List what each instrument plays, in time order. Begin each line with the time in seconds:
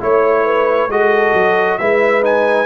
0.00 tuba A3, trombone E4, horn C#5, trumpet C#5
0.45 horn B4
0.88 tuba G#3, trombone F#4, horn A4, trumpet D#5
1.33 tuba F#3
1.78 tuba G#3, trombone E4, horn B4, trumpet E5
2.21 trombone D#4, trumpet G#5